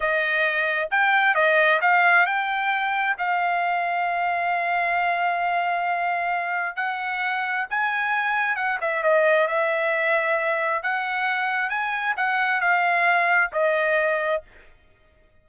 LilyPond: \new Staff \with { instrumentName = "trumpet" } { \time 4/4 \tempo 4 = 133 dis''2 g''4 dis''4 | f''4 g''2 f''4~ | f''1~ | f''2. fis''4~ |
fis''4 gis''2 fis''8 e''8 | dis''4 e''2. | fis''2 gis''4 fis''4 | f''2 dis''2 | }